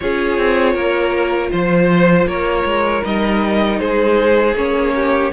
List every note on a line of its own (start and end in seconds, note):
0.00 0.37 C#4
0.00 3.02 F4
0.00 0.73 G#4
0.00 1.51 C#5
0.37 0.74 C4
0.73 1.50 A#3
0.73 1.49 A#4
1.50 2.26 F3
1.50 2.26 C5
1.50 2.28 C5
2.26 2.64 A#3
2.26 3.79 A#4
2.26 3.04 C#5
2.64 3.02 G#3
3.02 3.81 G3
3.02 4.53 D#4
3.02 3.79 D#5
3.79 4.54 G#3
3.79 4.93 G#4
3.79 4.55 C5
4.54 5.30 A#3
4.54 5.32 C#4
4.54 5.32 C#5
4.95 5.32 G4